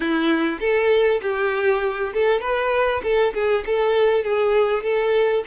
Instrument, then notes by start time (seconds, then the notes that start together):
violin
0.00 E4
0.60 A4
1.22 G4
2.13 A4
2.40 B4
3.03 A4
3.34 G#4
3.66 A4
4.23 G#4
4.83 A4